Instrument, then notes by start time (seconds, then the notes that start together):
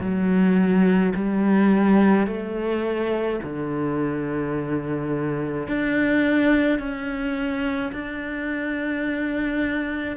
cello
0.00 F#3
1.15 G3
2.27 A3
3.43 D3
5.68 D4
6.79 C#4
7.92 D4